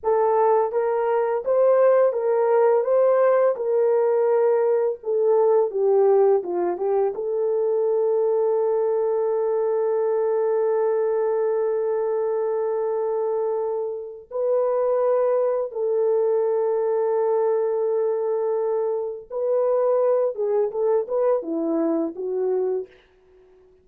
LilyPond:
\new Staff \with { instrumentName = "horn" } { \time 4/4 \tempo 4 = 84 a'4 ais'4 c''4 ais'4 | c''4 ais'2 a'4 | g'4 f'8 g'8 a'2~ | a'1~ |
a'1 | b'2 a'2~ | a'2. b'4~ | b'8 gis'8 a'8 b'8 e'4 fis'4 | }